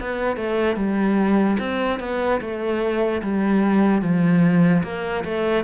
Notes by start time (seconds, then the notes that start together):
0.00 B3
0.36 A3
0.76 G3
1.59 C4
1.99 B3
2.40 A3
3.22 G3
4.01 F3
4.83 A#3
5.24 A3